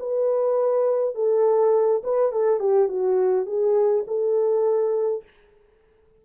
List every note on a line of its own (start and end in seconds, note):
0.00 1.15 B4
1.15 2.02 A4
2.04 2.32 B4
2.32 2.60 A4
2.60 2.89 G4
2.89 3.46 F#4
3.46 4.05 G#4
4.07 5.24 A4